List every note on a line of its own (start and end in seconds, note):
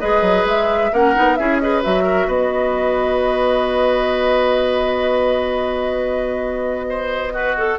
0.00 0.22 G#3
0.00 0.92 G#4
0.00 0.92 B4
0.00 0.46 D#5
0.22 0.45 F#3
0.45 0.91 G#3
0.45 0.94 E5
0.93 1.16 A#3
0.93 1.15 C#4
0.93 1.38 A#4
0.93 1.36 F#5
1.15 1.39 B3
1.15 1.38 D#4
1.36 1.85 C#4
1.36 1.62 E4
1.36 1.62 G#4
1.36 1.58 E5
1.59 1.81 G#4
1.59 2.04 B4
1.59 1.82 D#5
1.81 2.27 F#3
1.81 7.31 F#4
1.81 2.29 E5
2.04 2.27 A#4
2.27 7.77 B3
2.27 6.86 B4
2.27 7.79 D#5
6.89 7.33 C5
7.33 7.79 F#4
7.33 7.57 B4
7.58 7.79 A4